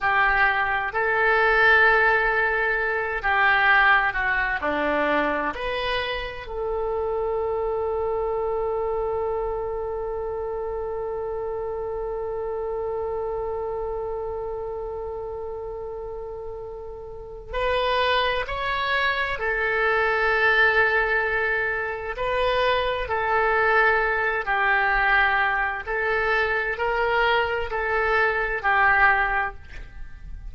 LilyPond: \new Staff \with { instrumentName = "oboe" } { \time 4/4 \tempo 4 = 65 g'4 a'2~ a'8 g'8~ | g'8 fis'8 d'4 b'4 a'4~ | a'1~ | a'1~ |
a'2. b'4 | cis''4 a'2. | b'4 a'4. g'4. | a'4 ais'4 a'4 g'4 | }